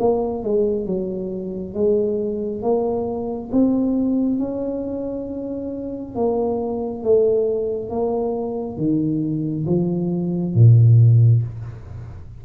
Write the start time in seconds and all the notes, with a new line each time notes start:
0.00 A#3
0.44 G#3
0.86 F#3
1.74 G#3
2.62 A#3
3.52 C4
4.39 C#4
6.15 A#3
7.03 A3
7.90 A#3
8.78 D#3
9.67 F3
10.55 A#2